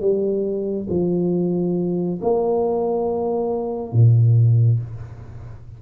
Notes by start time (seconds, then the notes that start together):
0.00 G3
0.89 F3
2.21 A#3
3.92 A#2